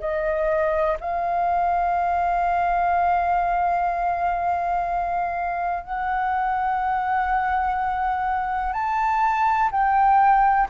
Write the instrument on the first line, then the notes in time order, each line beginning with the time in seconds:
flute
0.00 D#5
1.00 F5
5.84 F#5
8.73 A5
9.71 G5